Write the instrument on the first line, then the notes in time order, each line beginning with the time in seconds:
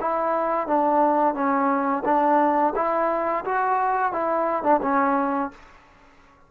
trombone
0.00 E4
0.67 D4
1.34 C#4
2.04 D4
2.75 E4
3.45 F#4
4.12 E4
4.63 D4
4.82 C#4